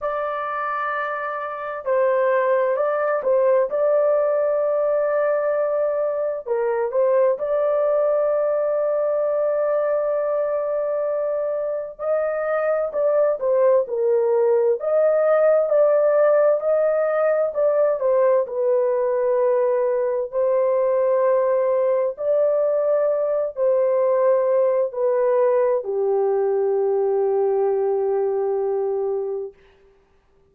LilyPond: \new Staff \with { instrumentName = "horn" } { \time 4/4 \tempo 4 = 65 d''2 c''4 d''8 c''8 | d''2. ais'8 c''8 | d''1~ | d''4 dis''4 d''8 c''8 ais'4 |
dis''4 d''4 dis''4 d''8 c''8 | b'2 c''2 | d''4. c''4. b'4 | g'1 | }